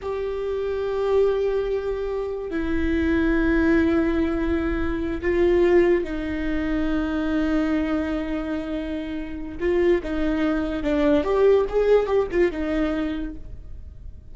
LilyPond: \new Staff \with { instrumentName = "viola" } { \time 4/4 \tempo 4 = 144 g'1~ | g'2 e'2~ | e'1~ | e'8 f'2 dis'4.~ |
dis'1~ | dis'2. f'4 | dis'2 d'4 g'4 | gis'4 g'8 f'8 dis'2 | }